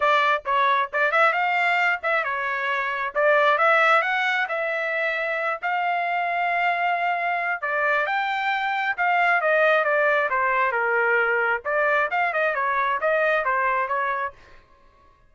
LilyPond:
\new Staff \with { instrumentName = "trumpet" } { \time 4/4 \tempo 4 = 134 d''4 cis''4 d''8 e''8 f''4~ | f''8 e''8 cis''2 d''4 | e''4 fis''4 e''2~ | e''8 f''2.~ f''8~ |
f''4 d''4 g''2 | f''4 dis''4 d''4 c''4 | ais'2 d''4 f''8 dis''8 | cis''4 dis''4 c''4 cis''4 | }